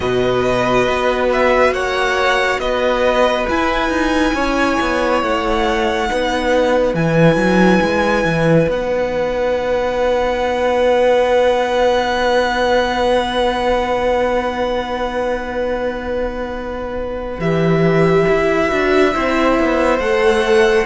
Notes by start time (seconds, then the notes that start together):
0.00 B2 F#4 B4 D#5
0.88 B3
1.32 E5
1.71 A#3 C#5 F#5
2.58 B3 B4 D#5
3.47 E4 G#5
3.89 D#4
4.33 C#4 C#5
4.80 B3
5.22 A3 F#5
6.07 B3 D#4 B4
6.94 E3 E4 G#5
7.36 F#3
7.81 G#3
8.24 E3
8.68 B3 D#4 F#5
17.38 E3 G4 E5
18.28 E4
18.68 D4 F#4
19.13 C4 E4 C5
19.59 B3
19.99 A3 A4 F#5